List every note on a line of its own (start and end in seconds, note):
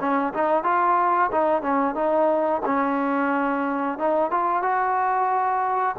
0.00 0.33 C#4
0.34 0.64 D#4
0.64 1.31 F4
1.32 1.62 D#4
1.62 1.95 C#4
1.95 2.62 D#4
2.66 3.98 C#4
3.98 4.31 D#4
4.31 4.63 F4
4.63 5.96 F#4